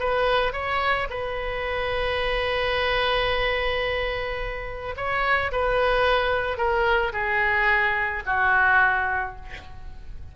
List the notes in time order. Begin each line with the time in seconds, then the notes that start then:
0.00 B4
0.53 C#5
1.10 B4
4.97 C#5
5.52 B4
6.58 A#4
7.13 G#4
8.26 F#4